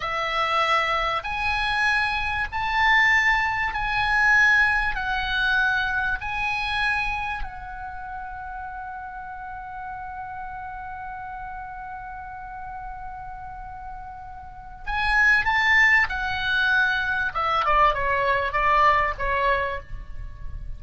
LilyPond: \new Staff \with { instrumentName = "oboe" } { \time 4/4 \tempo 4 = 97 e''2 gis''2 | a''2 gis''2 | fis''2 gis''2 | fis''1~ |
fis''1~ | fis''1 | gis''4 a''4 fis''2 | e''8 d''8 cis''4 d''4 cis''4 | }